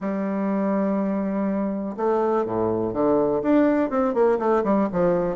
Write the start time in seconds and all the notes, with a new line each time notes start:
0.00 G3
1.96 A3
2.45 A2
2.93 D3
3.42 D4
3.89 C4
4.13 A#3
4.38 A3
4.64 G3
4.92 F3